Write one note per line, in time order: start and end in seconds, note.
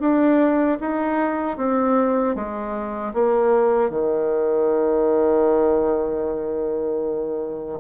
0.00 0.78 D4
0.80 1.57 D#4
1.57 2.35 C4
2.36 3.13 G#3
3.14 3.90 A#3
3.90 7.80 D#3